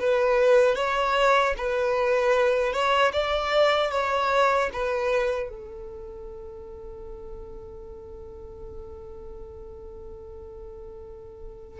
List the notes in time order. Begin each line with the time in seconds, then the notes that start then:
0.00 B4
0.75 C#5
1.57 B4
2.73 C#5
3.13 D5
3.92 C#5
4.73 B4
5.49 A4